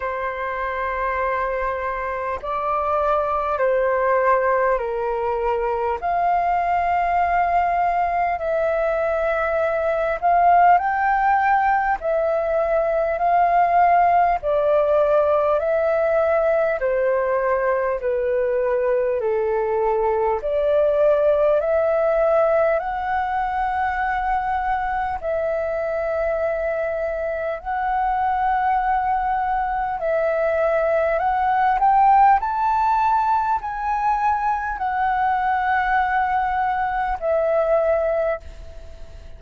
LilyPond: \new Staff \with { instrumentName = "flute" } { \time 4/4 \tempo 4 = 50 c''2 d''4 c''4 | ais'4 f''2 e''4~ | e''8 f''8 g''4 e''4 f''4 | d''4 e''4 c''4 b'4 |
a'4 d''4 e''4 fis''4~ | fis''4 e''2 fis''4~ | fis''4 e''4 fis''8 g''8 a''4 | gis''4 fis''2 e''4 | }